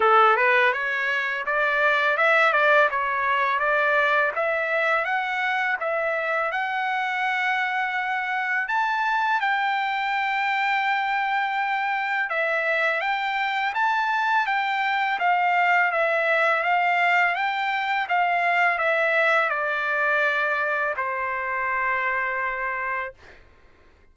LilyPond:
\new Staff \with { instrumentName = "trumpet" } { \time 4/4 \tempo 4 = 83 a'8 b'8 cis''4 d''4 e''8 d''8 | cis''4 d''4 e''4 fis''4 | e''4 fis''2. | a''4 g''2.~ |
g''4 e''4 g''4 a''4 | g''4 f''4 e''4 f''4 | g''4 f''4 e''4 d''4~ | d''4 c''2. | }